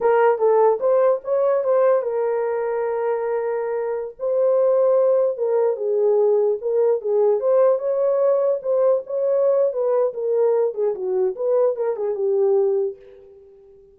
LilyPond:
\new Staff \with { instrumentName = "horn" } { \time 4/4 \tempo 4 = 148 ais'4 a'4 c''4 cis''4 | c''4 ais'2.~ | ais'2~ ais'16 c''4.~ c''16~ | c''4~ c''16 ais'4 gis'4.~ gis'16~ |
gis'16 ais'4 gis'4 c''4 cis''8.~ | cis''4~ cis''16 c''4 cis''4.~ cis''16 | b'4 ais'4. gis'8 fis'4 | b'4 ais'8 gis'8 g'2 | }